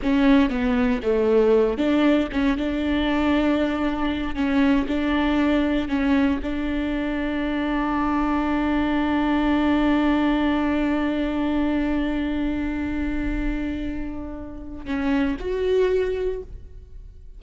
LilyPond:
\new Staff \with { instrumentName = "viola" } { \time 4/4 \tempo 4 = 117 cis'4 b4 a4. d'8~ | d'8 cis'8 d'2.~ | d'8 cis'4 d'2 cis'8~ | cis'8 d'2.~ d'8~ |
d'1~ | d'1~ | d'1~ | d'4 cis'4 fis'2 | }